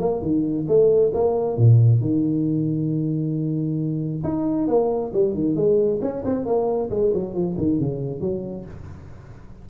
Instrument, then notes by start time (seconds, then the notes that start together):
tuba
0.00 A#3
0.22 D#3
0.68 A3
1.14 A#3
1.57 A#2
2.01 D#3
4.24 D#4
4.68 A#3
5.14 G3
5.35 D#3
5.56 G#3
6.02 C#4
6.26 C4
6.46 A#3
6.91 G#3
7.14 F#3
7.35 F3
7.58 D#3
7.80 C#3
8.21 F#3